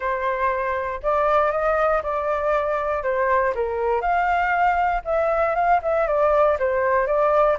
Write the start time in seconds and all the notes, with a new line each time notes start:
0.00 C5
1.02 D5
1.51 D#5
2.02 D5
3.03 C5
3.54 A#4
4.01 F5
5.04 E5
5.55 F5
5.82 E5
6.07 D5
6.59 C5
7.06 D5